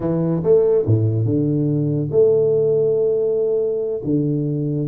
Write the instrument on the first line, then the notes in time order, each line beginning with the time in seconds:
tuba
0.00 E3
0.43 A3
0.86 A2
1.25 D3
2.11 A3
4.04 D3